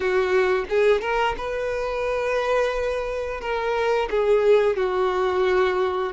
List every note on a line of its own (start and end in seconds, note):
0.00 0.65 F#4
0.68 1.01 G#4
1.01 1.35 A#4
1.37 3.40 B4
3.40 4.08 A#4
4.10 4.76 G#4
4.76 6.12 F#4